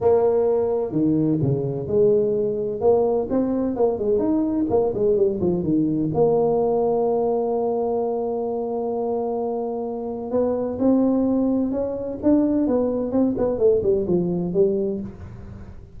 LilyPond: \new Staff \with { instrumentName = "tuba" } { \time 4/4 \tempo 4 = 128 ais2 dis4 cis4 | gis2 ais4 c'4 | ais8 gis8 dis'4 ais8 gis8 g8 f8 | dis4 ais2.~ |
ais1~ | ais2 b4 c'4~ | c'4 cis'4 d'4 b4 | c'8 b8 a8 g8 f4 g4 | }